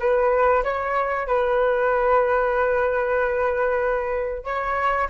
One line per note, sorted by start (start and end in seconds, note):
0.00 0.64 B4
0.64 1.28 C#5
1.28 4.45 B4
4.45 5.09 C#5